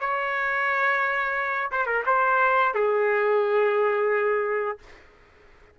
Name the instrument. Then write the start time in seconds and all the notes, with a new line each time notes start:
trumpet
0.00 C#5
1.72 C5
1.86 A#4
2.06 C5
2.75 G#4